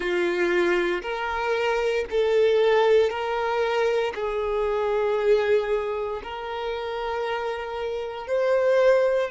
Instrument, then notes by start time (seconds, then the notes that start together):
violin
0.00 F4
1.02 A#4
2.10 A4
3.09 A#4
4.14 G#4
6.23 A#4
8.27 C5